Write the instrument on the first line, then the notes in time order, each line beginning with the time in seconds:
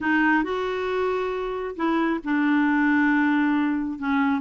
clarinet
0.01 D#4
0.43 F#4
1.76 E4
2.23 D4
3.98 C#4